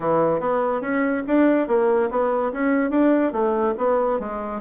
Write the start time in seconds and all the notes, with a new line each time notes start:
0.00 E3
0.39 B3
0.81 C#4
1.27 D4
1.67 A#3
2.10 B3
2.52 C#4
2.90 D4
3.32 A3
3.77 B3
4.19 G#3